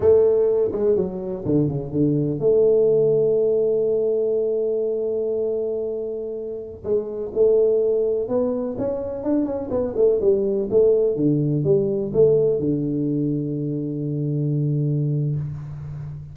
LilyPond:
\new Staff \with { instrumentName = "tuba" } { \time 4/4 \tempo 4 = 125 a4. gis8 fis4 d8 cis8 | d4 a2.~ | a1~ | a2~ a16 gis4 a8.~ |
a4~ a16 b4 cis'4 d'8 cis'16~ | cis'16 b8 a8 g4 a4 d8.~ | d16 g4 a4 d4.~ d16~ | d1 | }